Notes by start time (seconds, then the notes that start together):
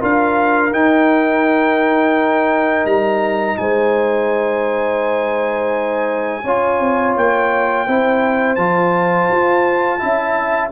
0.00 D4 F4 A#4 F5
0.71 D#4 G5
2.85 G3 A#5
3.57 G#3 C5 G#5
6.43 C#4 F4 C#5
6.79 C4
7.16 A#3 G5
7.87 C4 E4 C5
8.55 F3 F4 A5
9.31 F4
9.98 C#4 E4 E5